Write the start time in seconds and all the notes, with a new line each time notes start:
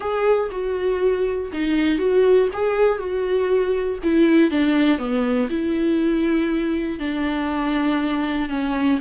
0.00 G#4
0.51 F#4
1.52 D#4
1.98 F#4
2.53 G#4
2.98 F#4
4.03 E4
4.50 D4
4.98 B3
5.49 E4
6.99 D4
8.49 C#4